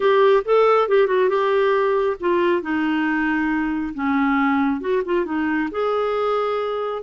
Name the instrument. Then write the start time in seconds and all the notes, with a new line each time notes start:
clarinet
0.00 G4
0.44 A4
0.88 G4
1.07 F#4
1.29 G4
2.20 F4
2.62 D#4
3.94 C#4
4.80 F#4
5.05 F4
5.25 D#4
5.71 G#4